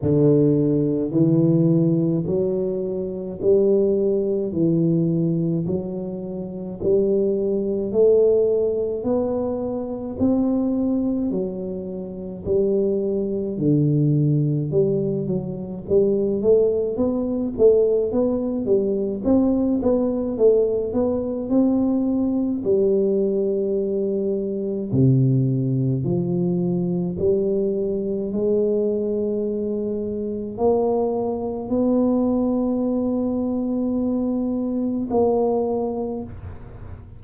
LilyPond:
\new Staff \with { instrumentName = "tuba" } { \time 4/4 \tempo 4 = 53 d4 e4 fis4 g4 | e4 fis4 g4 a4 | b4 c'4 fis4 g4 | d4 g8 fis8 g8 a8 b8 a8 |
b8 g8 c'8 b8 a8 b8 c'4 | g2 c4 f4 | g4 gis2 ais4 | b2. ais4 | }